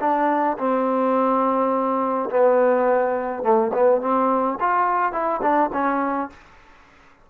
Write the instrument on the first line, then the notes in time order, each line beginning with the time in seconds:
trombone
0.00 D4
0.58 C4
2.30 B3
3.43 A3
3.74 B3
4.02 C4
4.60 F4
5.12 E4
5.42 D4
5.73 C#4